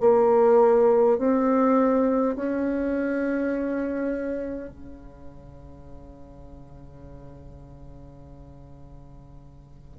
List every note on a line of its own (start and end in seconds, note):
0.00 1.18 A#3
1.18 2.35 C4
2.36 4.69 C#4
4.69 9.98 C#3